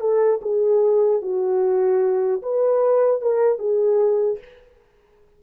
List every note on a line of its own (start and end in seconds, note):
0.00 0.40 A4
0.42 1.22 G#4
1.22 2.42 F#4
2.42 3.21 B4
3.21 3.59 A#4
3.59 4.39 G#4